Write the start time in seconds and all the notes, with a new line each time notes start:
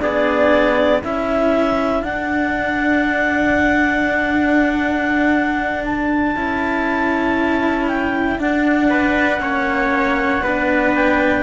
0.00 B3 D4 G#4 D5
1.03 C#4 E4 A4 E5
2.03 D4 F#5
5.85 A5
6.36 C#4 E4
7.88 G5
8.39 D4 F#5
8.89 B4
9.40 A#3 C#4 C#5
10.42 B3 D4 B4
10.95 G5